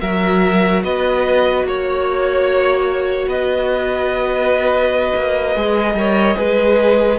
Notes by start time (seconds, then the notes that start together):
0.00 F#3 F#4 A#4 E5
0.83 B3 B4 D#5
1.64 A#3 C#5
3.27 B3 B4 D#5
5.15 A#3
5.55 G#3 G#4
5.94 G3 A#4 C#5
6.36 G#3 G#4 B4